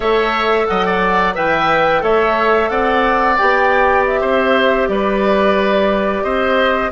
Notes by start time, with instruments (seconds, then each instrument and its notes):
0.00 bassoon A3, clarinet A4, oboe C#5, flute E5
0.66 bassoon F#3, oboe D#5, flute F#5
0.86 oboe D5
1.34 bassoon E3, clarinet B4, oboe E5, flute G5
2.00 bassoon A3, clarinet A4, oboe C#5, flute E5
2.69 bassoon C4, oboe D5, flute F#5
3.37 bassoon B3, clarinet G4, flute G5
4.06 flute E5
4.20 bassoon C4, oboe C5
4.88 bassoon G3, oboe B4, flute D5
6.23 bassoon C4, oboe C5, flute D#5